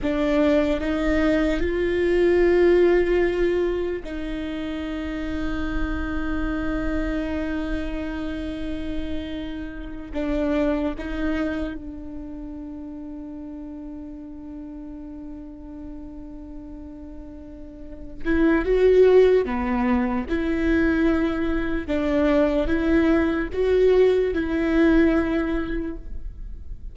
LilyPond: \new Staff \with { instrumentName = "viola" } { \time 4/4 \tempo 4 = 74 d'4 dis'4 f'2~ | f'4 dis'2.~ | dis'1~ | dis'8 d'4 dis'4 d'4.~ |
d'1~ | d'2~ d'8 e'8 fis'4 | b4 e'2 d'4 | e'4 fis'4 e'2 | }